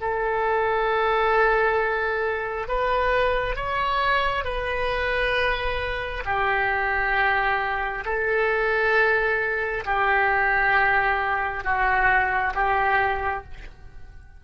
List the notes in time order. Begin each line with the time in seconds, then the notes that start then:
0.00 A4
2.68 B4
3.56 C#5
4.44 B4
6.25 G4
8.05 A4
9.85 G4
11.64 F#4
12.54 G4